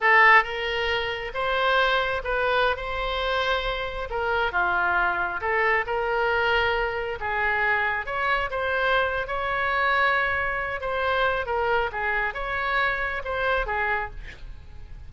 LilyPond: \new Staff \with { instrumentName = "oboe" } { \time 4/4 \tempo 4 = 136 a'4 ais'2 c''4~ | c''4 b'4~ b'16 c''4.~ c''16~ | c''4~ c''16 ais'4 f'4.~ f'16~ | f'16 a'4 ais'2~ ais'8.~ |
ais'16 gis'2 cis''4 c''8.~ | c''4 cis''2.~ | cis''8 c''4. ais'4 gis'4 | cis''2 c''4 gis'4 | }